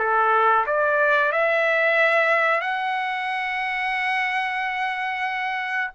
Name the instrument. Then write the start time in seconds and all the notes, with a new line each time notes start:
trumpet
0.00 A4
0.67 D5
1.32 E5
2.61 F#5